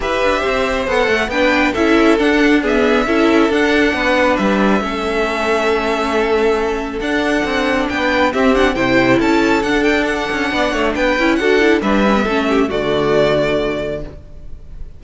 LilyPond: <<
  \new Staff \with { instrumentName = "violin" } { \time 4/4 \tempo 4 = 137 e''2 fis''4 g''4 | e''4 fis''4 e''2 | fis''2 e''2~ | e''1 |
fis''2 g''4 e''8 fis''8 | g''4 a''4 fis''8 g''8 fis''4~ | fis''4 g''4 fis''4 e''4~ | e''4 d''2. | }
  \new Staff \with { instrumentName = "violin" } { \time 4/4 b'4 c''2 b'4 | a'2 gis'4 a'4~ | a'4 b'2 a'4~ | a'1~ |
a'2 b'4 g'4 | c''4 a'2. | d''8 cis''8 b'4 a'4 b'4 | a'8 g'8 fis'2. | }
  \new Staff \with { instrumentName = "viola" } { \time 4/4 g'2 a'4 d'4 | e'4 d'4 b4 e'4 | d'2. cis'4~ | cis'1 |
d'2. c'8 d'8 | e'2 d'2~ | d'4. e'8 fis'8 e'8 d'8 cis'16 b16 | cis'4 a2. | }
  \new Staff \with { instrumentName = "cello" } { \time 4/4 e'8 d'8 c'4 b8 a8 b4 | cis'4 d'2 cis'4 | d'4 b4 g4 a4~ | a1 |
d'4 c'4 b4 c'4 | c4 cis'4 d'4. cis'8 | b8 a8 b8 cis'8 d'4 g4 | a4 d2. | }
>>